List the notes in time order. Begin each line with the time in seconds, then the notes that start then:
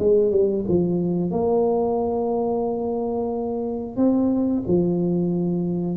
0.00 G#3
0.32 G3
0.69 F3
1.31 A#3
3.97 C4
4.68 F3